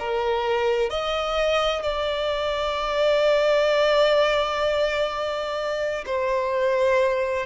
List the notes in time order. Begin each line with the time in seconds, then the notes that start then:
0.00 A#4
0.90 D#5
1.83 D5
6.06 C5